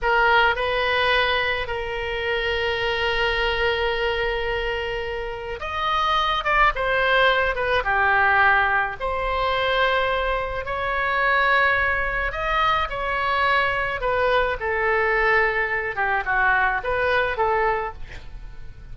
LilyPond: \new Staff \with { instrumentName = "oboe" } { \time 4/4 \tempo 4 = 107 ais'4 b'2 ais'4~ | ais'1~ | ais'2 dis''4. d''8 | c''4. b'8 g'2 |
c''2. cis''4~ | cis''2 dis''4 cis''4~ | cis''4 b'4 a'2~ | a'8 g'8 fis'4 b'4 a'4 | }